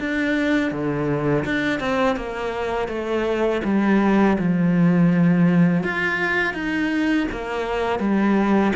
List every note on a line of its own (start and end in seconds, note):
0.00 0.72 D4
0.72 1.45 D3
1.45 1.80 D4
1.80 2.16 C4
2.16 2.88 A#3
2.88 3.62 A3
3.64 4.37 G3
4.39 5.84 F3
5.84 6.54 F4
6.54 7.27 D#4
7.32 8.00 A#3
8.00 8.73 G3